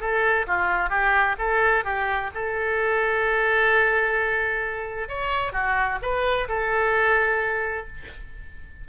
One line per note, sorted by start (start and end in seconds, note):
0.00 0.46 A4
0.47 0.90 F4
0.90 1.36 G4
1.38 1.84 A4
1.84 2.30 G4
2.34 5.08 A4
5.08 5.52 C#5
5.52 5.99 F#4
6.02 6.48 B4
6.48 7.87 A4